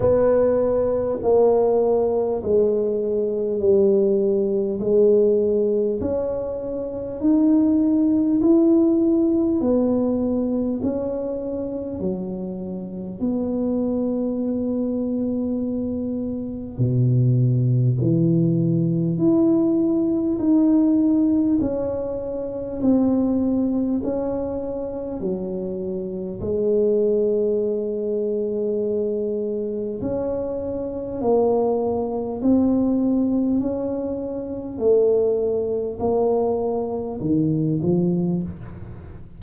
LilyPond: \new Staff \with { instrumentName = "tuba" } { \time 4/4 \tempo 4 = 50 b4 ais4 gis4 g4 | gis4 cis'4 dis'4 e'4 | b4 cis'4 fis4 b4~ | b2 b,4 e4 |
e'4 dis'4 cis'4 c'4 | cis'4 fis4 gis2~ | gis4 cis'4 ais4 c'4 | cis'4 a4 ais4 dis8 f8 | }